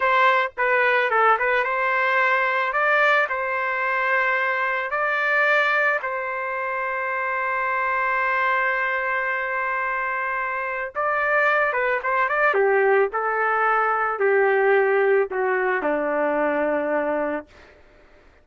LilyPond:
\new Staff \with { instrumentName = "trumpet" } { \time 4/4 \tempo 4 = 110 c''4 b'4 a'8 b'8 c''4~ | c''4 d''4 c''2~ | c''4 d''2 c''4~ | c''1~ |
c''1 | d''4. b'8 c''8 d''8 g'4 | a'2 g'2 | fis'4 d'2. | }